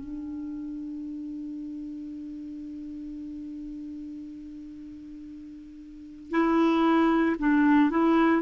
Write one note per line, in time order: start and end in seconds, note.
0.00 6.31 D4
6.31 7.36 E4
7.39 7.91 D4
7.91 8.42 E4